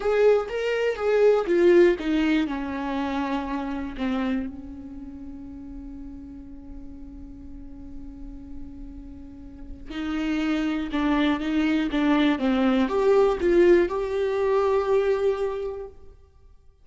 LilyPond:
\new Staff \with { instrumentName = "viola" } { \time 4/4 \tempo 4 = 121 gis'4 ais'4 gis'4 f'4 | dis'4 cis'2. | c'4 cis'2.~ | cis'1~ |
cis'1 | dis'2 d'4 dis'4 | d'4 c'4 g'4 f'4 | g'1 | }